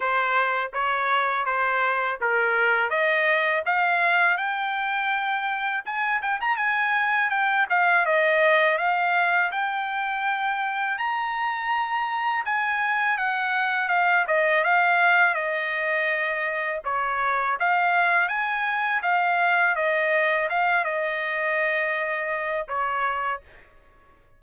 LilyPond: \new Staff \with { instrumentName = "trumpet" } { \time 4/4 \tempo 4 = 82 c''4 cis''4 c''4 ais'4 | dis''4 f''4 g''2 | gis''8 g''16 ais''16 gis''4 g''8 f''8 dis''4 | f''4 g''2 ais''4~ |
ais''4 gis''4 fis''4 f''8 dis''8 | f''4 dis''2 cis''4 | f''4 gis''4 f''4 dis''4 | f''8 dis''2~ dis''8 cis''4 | }